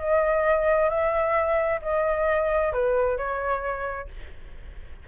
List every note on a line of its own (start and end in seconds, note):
0.00 0.89 D#5
0.89 1.80 E5
1.82 2.73 D#5
2.73 3.17 B4
3.17 4.08 C#5